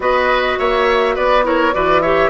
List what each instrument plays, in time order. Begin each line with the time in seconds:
0.00 bassoon B3, clarinet F#4, oboe B4, flute D#5
0.58 bassoon A#3, oboe C#5, flute E5
1.15 bassoon B3, oboe B4, flute D5
1.43 clarinet E4, oboe A#4, flute C#5
1.72 bassoon E3, clarinet F#4, oboe B4, flute D5
2.02 clarinet G4, oboe C#5, flute E5